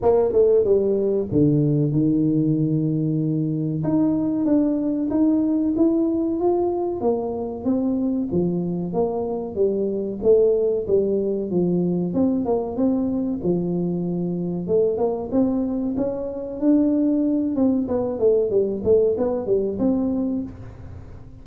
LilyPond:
\new Staff \with { instrumentName = "tuba" } { \time 4/4 \tempo 4 = 94 ais8 a8 g4 d4 dis4~ | dis2 dis'4 d'4 | dis'4 e'4 f'4 ais4 | c'4 f4 ais4 g4 |
a4 g4 f4 c'8 ais8 | c'4 f2 a8 ais8 | c'4 cis'4 d'4. c'8 | b8 a8 g8 a8 b8 g8 c'4 | }